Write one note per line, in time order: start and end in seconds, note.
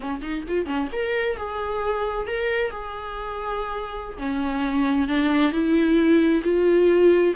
0.00 0.21 C#4
0.21 0.44 D#4
0.48 0.66 F4
0.66 0.88 C#4
0.92 1.37 A#4
1.37 2.27 G#4
2.27 2.70 A#4
2.70 4.17 G#4
4.17 5.08 C#4
5.08 5.52 D4
5.52 6.42 E4
6.43 7.33 F4